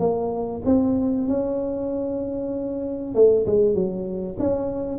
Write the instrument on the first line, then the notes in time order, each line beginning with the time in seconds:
tuba
0.00 A#3
0.66 C4
1.28 C#4
3.15 A3
3.47 G#3
3.75 F#3
4.40 C#4